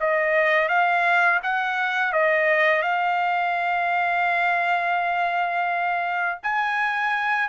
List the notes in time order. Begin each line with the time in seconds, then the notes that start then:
0.00 D#5
0.69 F5
1.43 F#5
2.12 D#5
2.82 F5
6.43 G#5